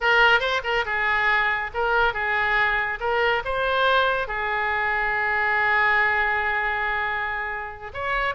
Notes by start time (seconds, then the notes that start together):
0.00 A#4
0.40 C5
0.63 A#4
0.85 G#4
1.74 A#4
2.13 G#4
3.00 A#4
3.44 C5
4.27 G#4
7.93 C#5